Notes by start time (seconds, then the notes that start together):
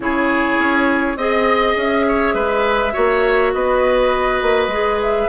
0.00 C#3 E4 G#4 C#5
0.57 C#4
1.16 C4 G#4 D#5
1.76 C#4 E5
2.08 C#5
2.34 G#3 B4
2.92 A#3 F#4 C#5
3.53 B3 B4 D#5
4.42 A#3
4.67 G#3 G#4
5.02 E5